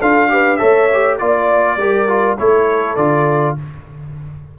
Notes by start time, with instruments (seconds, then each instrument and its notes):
0.00 tuba D4, trombone F4, horn A4, trumpet F5
0.29 trombone G4, horn B4
0.57 tuba A3, trombone A4, horn C#5, trumpet E5
0.94 trombone G4
1.19 tuba A#3, trombone F4, trumpet D5, horn D5
1.77 tuba G3, trombone G4, horn A#4
2.09 trombone F4
2.39 tuba A3, trombone E4, horn A4, trumpet C#5
2.97 tuba D3, trombone F4, trumpet D5